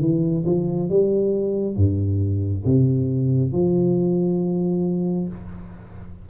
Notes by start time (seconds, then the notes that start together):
0.00 E3
0.46 F3
0.89 G3
1.76 G2
2.65 C3
3.53 F3